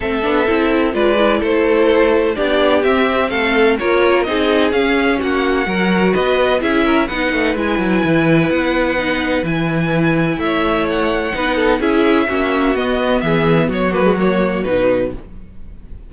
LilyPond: <<
  \new Staff \with { instrumentName = "violin" } { \time 4/4 \tempo 4 = 127 e''2 d''4 c''4~ | c''4 d''4 e''4 f''4 | cis''4 dis''4 f''4 fis''4~ | fis''4 dis''4 e''4 fis''4 |
gis''2 fis''2 | gis''2 e''4 fis''4~ | fis''4 e''2 dis''4 | e''4 cis''8 b'8 cis''4 b'4 | }
  \new Staff \with { instrumentName = "violin" } { \time 4/4 a'2 b'4 a'4~ | a'4 g'2 a'4 | ais'4 gis'2 fis'4 | ais'4 b'4 gis'8 ais'8 b'4~ |
b'1~ | b'2 cis''2 | b'8 a'8 gis'4 fis'2 | gis'4 fis'2. | }
  \new Staff \with { instrumentName = "viola" } { \time 4/4 c'8 d'8 e'4 f'8 e'4.~ | e'4 d'4 c'2 | f'4 dis'4 cis'2 | fis'2 e'4 dis'4 |
e'2. dis'4 | e'1 | dis'4 e'4 cis'4 b4~ | b4. ais16 gis16 ais4 dis'4 | }
  \new Staff \with { instrumentName = "cello" } { \time 4/4 a8 b8 c'4 gis4 a4~ | a4 b4 c'4 a4 | ais4 c'4 cis'4 ais4 | fis4 b4 cis'4 b8 a8 |
gis8 fis8 e4 b2 | e2 a2 | b4 cis'4 ais4 b4 | e4 fis2 b,4 | }
>>